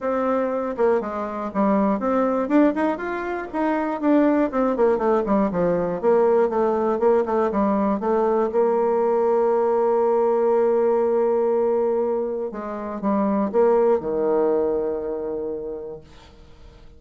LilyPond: \new Staff \with { instrumentName = "bassoon" } { \time 4/4 \tempo 4 = 120 c'4. ais8 gis4 g4 | c'4 d'8 dis'8 f'4 dis'4 | d'4 c'8 ais8 a8 g8 f4 | ais4 a4 ais8 a8 g4 |
a4 ais2.~ | ais1~ | ais4 gis4 g4 ais4 | dis1 | }